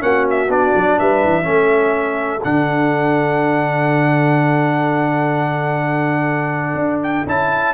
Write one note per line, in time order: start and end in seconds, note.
0.00 0.49 A#3
0.00 0.48 C#4
0.00 1.00 F#4
0.00 0.27 F#5
0.30 0.52 E5
0.49 0.73 B3
0.49 1.43 D4
0.49 0.99 D5
0.76 1.00 F#3
0.99 1.25 G3
0.99 1.46 B4
0.99 2.44 E5
1.25 1.47 E3
1.43 2.44 A3
1.43 2.40 C#4
1.43 7.74 A4
2.44 6.75 D3
2.44 7.27 D4
2.44 7.03 F#5
6.75 7.23 D4
7.03 7.28 G5
7.27 7.74 C#4
7.27 7.74 E4
7.27 7.74 A5